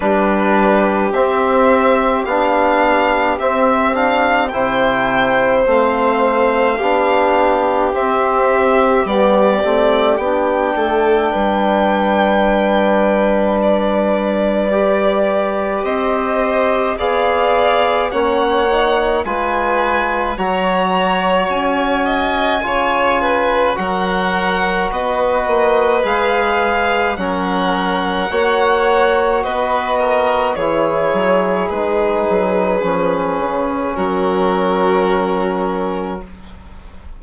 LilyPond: <<
  \new Staff \with { instrumentName = "violin" } { \time 4/4 \tempo 4 = 53 b'4 e''4 f''4 e''8 f''8 | g''4 f''2 e''4 | d''4 g''2. | d''2 dis''4 f''4 |
fis''4 gis''4 ais''4 gis''4~ | gis''4 fis''4 dis''4 f''4 | fis''2 dis''4 cis''4 | b'2 ais'2 | }
  \new Staff \with { instrumentName = "violin" } { \time 4/4 g'1 | c''2 g'2~ | g'4. a'8 b'2~ | b'2 c''4 d''4 |
cis''4 b'4 cis''4. dis''8 | cis''8 b'8 ais'4 b'2 | ais'4 cis''4 b'8 ais'8 gis'4~ | gis'2 fis'2 | }
  \new Staff \with { instrumentName = "trombone" } { \time 4/4 d'4 c'4 d'4 c'8 d'8 | e'4 c'4 d'4 c'4 | b8 c'8 d'2.~ | d'4 g'2 gis'4 |
cis'8 dis'8 f'4 fis'2 | f'4 fis'2 gis'4 | cis'4 fis'2 e'4 | dis'4 cis'2. | }
  \new Staff \with { instrumentName = "bassoon" } { \time 4/4 g4 c'4 b4 c'4 | c4 a4 b4 c'4 | g8 a8 b8 a8 g2~ | g2 c'4 b4 |
ais4 gis4 fis4 cis'4 | cis4 fis4 b8 ais8 gis4 | fis4 ais4 b4 e8 fis8 | gis8 fis8 f8 cis8 fis2 | }
>>